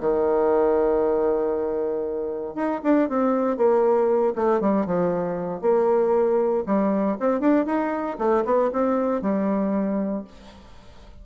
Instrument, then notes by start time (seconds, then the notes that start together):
bassoon
0.00 D#3
2.55 D#4
2.83 D4
3.09 C4
3.57 A#3
4.35 A3
4.60 G3
4.85 F3
5.61 A#3
6.66 G3
7.19 C4
7.40 D4
7.65 D#4
8.18 A3
8.45 B3
8.72 C4
9.21 G3